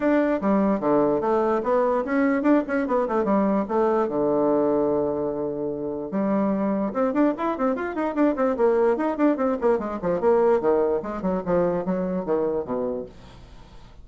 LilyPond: \new Staff \with { instrumentName = "bassoon" } { \time 4/4 \tempo 4 = 147 d'4 g4 d4 a4 | b4 cis'4 d'8 cis'8 b8 a8 | g4 a4 d2~ | d2. g4~ |
g4 c'8 d'8 e'8 c'8 f'8 dis'8 | d'8 c'8 ais4 dis'8 d'8 c'8 ais8 | gis8 f8 ais4 dis4 gis8 fis8 | f4 fis4 dis4 b,4 | }